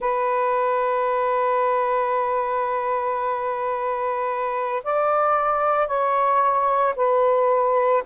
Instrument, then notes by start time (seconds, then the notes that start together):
saxophone
0.00 B4
4.83 D5
5.87 C#5
6.95 B4